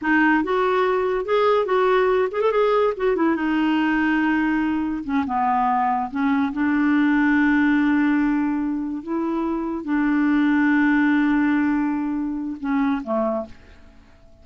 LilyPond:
\new Staff \with { instrumentName = "clarinet" } { \time 4/4 \tempo 4 = 143 dis'4 fis'2 gis'4 | fis'4. gis'16 a'16 gis'4 fis'8 e'8 | dis'1 | cis'8 b2 cis'4 d'8~ |
d'1~ | d'4. e'2 d'8~ | d'1~ | d'2 cis'4 a4 | }